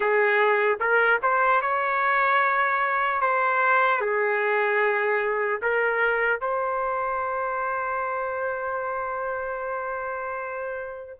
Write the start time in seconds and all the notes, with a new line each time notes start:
0.00 G#4
0.80 A#4
1.22 C5
1.61 C#5
3.21 C5
4.00 G#4
5.62 A#4
6.40 C5